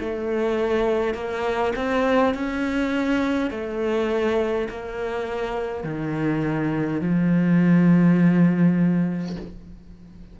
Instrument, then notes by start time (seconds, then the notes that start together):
cello
0.00 A3
1.14 A#3
1.75 C4
2.34 C#4
3.50 A3
4.70 A#3
5.83 D#3
7.01 F3